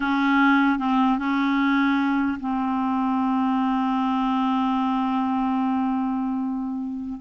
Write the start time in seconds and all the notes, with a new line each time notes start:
0.00 C#4
0.79 C4
1.18 C#4
2.39 C4